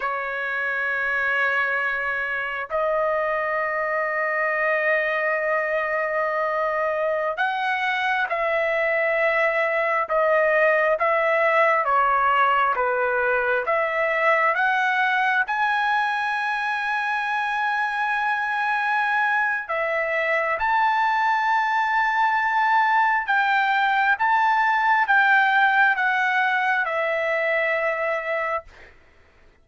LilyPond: \new Staff \with { instrumentName = "trumpet" } { \time 4/4 \tempo 4 = 67 cis''2. dis''4~ | dis''1~ | dis''16 fis''4 e''2 dis''8.~ | dis''16 e''4 cis''4 b'4 e''8.~ |
e''16 fis''4 gis''2~ gis''8.~ | gis''2 e''4 a''4~ | a''2 g''4 a''4 | g''4 fis''4 e''2 | }